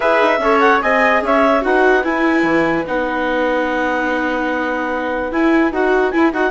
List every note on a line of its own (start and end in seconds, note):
0.00 0.21 E4
0.00 0.39 G#4
0.00 0.40 B4
0.00 0.60 E5
0.21 0.38 D#4
0.38 0.79 C#4
0.38 0.81 A4
0.38 0.82 C#5
0.60 0.80 F#5
0.81 1.22 C4
0.81 1.61 G#4
0.81 1.23 D#5
0.81 1.22 G#5
1.22 1.62 C#4
1.22 1.64 C#5
1.22 1.64 E5
1.61 2.04 D#4
1.61 2.01 F#4
1.61 6.50 B4
1.61 2.03 F#5
2.03 2.85 E4
2.03 2.43 E4
2.03 2.85 G#5
2.43 2.83 E3
2.86 5.31 B3
2.86 5.31 D#4
2.86 5.32 F#5
5.31 5.71 E4
5.31 5.72 E4
5.31 5.72 G#5
5.71 6.11 D#4
5.71 6.13 F#4
5.71 6.11 F#5
6.11 6.33 E4
6.11 6.32 E4
6.11 6.31 G#5
6.32 6.50 D#4
6.32 6.50 F#4
6.32 6.50 F#5